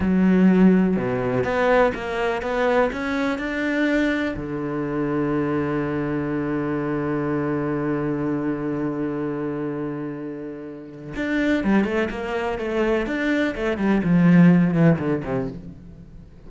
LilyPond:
\new Staff \with { instrumentName = "cello" } { \time 4/4 \tempo 4 = 124 fis2 b,4 b4 | ais4 b4 cis'4 d'4~ | d'4 d2.~ | d1~ |
d1~ | d2. d'4 | g8 a8 ais4 a4 d'4 | a8 g8 f4. e8 d8 c8 | }